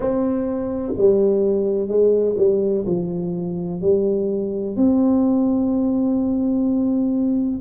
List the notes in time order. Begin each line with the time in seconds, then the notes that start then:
0.00 C4
0.97 G3
1.88 G#3
2.37 G3
2.86 F3
3.81 G3
4.76 C4